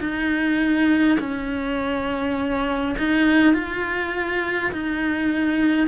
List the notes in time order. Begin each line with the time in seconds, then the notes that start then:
0.00 D#4
1.19 C#4
2.98 D#4
3.53 F4
4.72 D#4